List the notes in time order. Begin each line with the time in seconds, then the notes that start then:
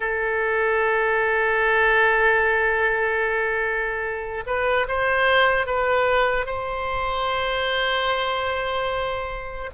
0.00 A4
4.46 B4
4.88 C5
5.66 B4
6.46 C5